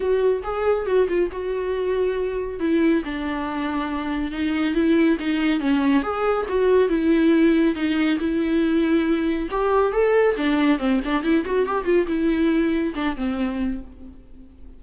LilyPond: \new Staff \with { instrumentName = "viola" } { \time 4/4 \tempo 4 = 139 fis'4 gis'4 fis'8 f'8 fis'4~ | fis'2 e'4 d'4~ | d'2 dis'4 e'4 | dis'4 cis'4 gis'4 fis'4 |
e'2 dis'4 e'4~ | e'2 g'4 a'4 | d'4 c'8 d'8 e'8 fis'8 g'8 f'8 | e'2 d'8 c'4. | }